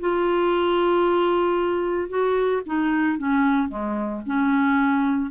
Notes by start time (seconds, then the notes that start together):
0.00 F4
2.09 F#4
2.66 D#4
3.18 C#4
3.68 G#3
4.26 C#4